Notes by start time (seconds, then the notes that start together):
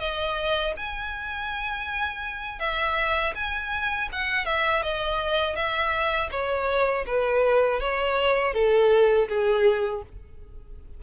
0.00 D#5
0.77 G#5
2.60 E5
3.35 G#5
4.12 F#5
4.46 E5
4.83 D#5
5.56 E5
6.31 C#5
7.07 B4
7.80 C#5
8.54 A4
9.29 G#4